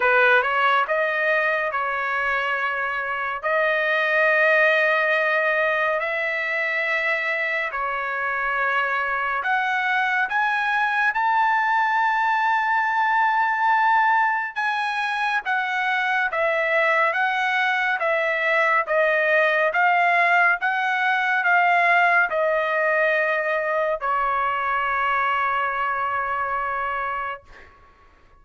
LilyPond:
\new Staff \with { instrumentName = "trumpet" } { \time 4/4 \tempo 4 = 70 b'8 cis''8 dis''4 cis''2 | dis''2. e''4~ | e''4 cis''2 fis''4 | gis''4 a''2.~ |
a''4 gis''4 fis''4 e''4 | fis''4 e''4 dis''4 f''4 | fis''4 f''4 dis''2 | cis''1 | }